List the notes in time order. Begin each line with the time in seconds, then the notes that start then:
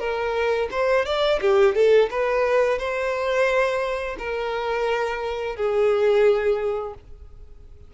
0.00 A#4
0.71 C5
1.06 D5
1.41 G4
1.76 A4
2.11 B4
2.79 C5
4.19 A#4
5.57 G#4